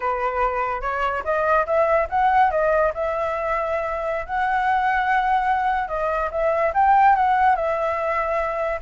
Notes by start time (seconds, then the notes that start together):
0.00 B4
0.81 C#5
1.24 D#5
1.66 E5
2.09 F#5
2.50 D#5
2.94 E5
4.25 F#5
5.88 D#5
6.31 E5
6.74 G5
7.15 F#5
7.55 E5